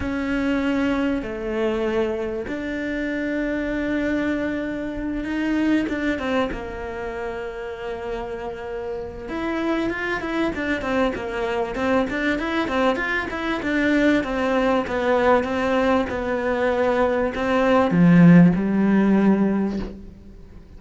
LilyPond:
\new Staff \with { instrumentName = "cello" } { \time 4/4 \tempo 4 = 97 cis'2 a2 | d'1~ | d'8 dis'4 d'8 c'8 ais4.~ | ais2. e'4 |
f'8 e'8 d'8 c'8 ais4 c'8 d'8 | e'8 c'8 f'8 e'8 d'4 c'4 | b4 c'4 b2 | c'4 f4 g2 | }